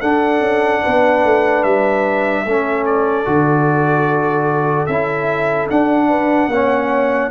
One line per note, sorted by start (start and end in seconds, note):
0.00 0.40 D4
0.00 2.46 D4
0.00 0.81 A4
0.00 1.63 F#5
0.40 0.81 C#4
0.82 1.24 B3
0.82 2.44 B4
1.24 1.64 A3
1.63 2.45 G3
1.63 2.85 E5
2.45 3.26 A3
2.45 3.25 C#4
2.45 6.09 A4
2.86 4.86 D5
3.25 4.88 D3
3.25 4.87 F#4
4.86 5.69 C#4
4.86 5.70 E4
4.86 5.67 E5
5.70 6.51 D4
5.70 6.48 D4
5.70 7.31 F#5
6.09 6.49 B4
6.48 7.29 A#3
6.48 7.31 C#4
6.48 7.31 C#5